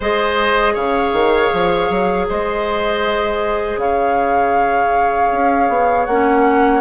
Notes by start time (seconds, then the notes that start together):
0.00 G#3 G#4 C5 D#5
0.73 C#3 C#5 F5
1.12 D#3
1.53 F3
1.89 F#3
2.28 G#3 C5 D#5
3.76 C#3 C#5 F5
5.31 C#4
5.68 B3
6.05 A#3 C#4 F#5